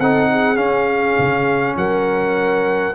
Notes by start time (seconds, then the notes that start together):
0.00 C4 D#4 A4 F#5
0.31 G#4
0.56 C#4 F5
1.19 C#3
1.77 F#3 A#4 F#5